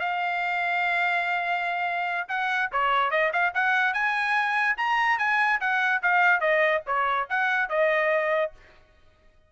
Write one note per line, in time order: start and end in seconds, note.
0.00 2.28 F5
2.28 2.70 F#5
2.72 3.11 C#5
3.11 3.31 D#5
3.33 3.53 F5
3.54 3.93 F#5
3.93 4.76 G#5
4.77 5.18 A#5
5.18 5.60 G#5
5.60 6.02 F#5
6.02 6.40 F5
6.40 6.82 D#5
6.86 7.28 C#5
7.29 7.69 F#5
7.69 8.52 D#5